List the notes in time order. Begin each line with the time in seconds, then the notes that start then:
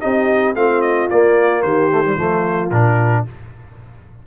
0.00 C4 D#4 G4 D#5
0.54 A3 C4 F4 F5
0.81 D#5
1.10 A#3 D5
1.62 D#3 G4 C5
1.91 A3
2.05 G3
2.15 F3 A3 F4
2.70 A#2 D4 A#4